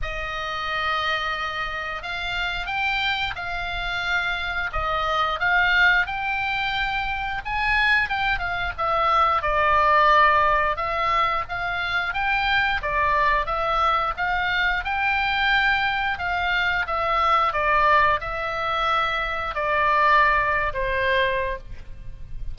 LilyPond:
\new Staff \with { instrumentName = "oboe" } { \time 4/4 \tempo 4 = 89 dis''2. f''4 | g''4 f''2 dis''4 | f''4 g''2 gis''4 | g''8 f''8 e''4 d''2 |
e''4 f''4 g''4 d''4 | e''4 f''4 g''2 | f''4 e''4 d''4 e''4~ | e''4 d''4.~ d''16 c''4~ c''16 | }